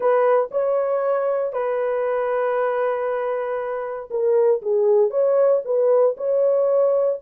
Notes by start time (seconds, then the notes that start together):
0.00 B4
0.51 C#5
1.52 B4
4.10 A#4
4.62 G#4
5.10 C#5
5.64 B4
6.17 C#5